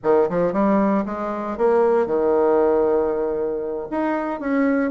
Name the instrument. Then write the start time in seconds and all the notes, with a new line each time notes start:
bassoon
0.03 D#3
0.29 F3
0.52 G3
1.05 G#3
1.57 A#3
2.06 D#3
3.90 D#4
4.40 C#4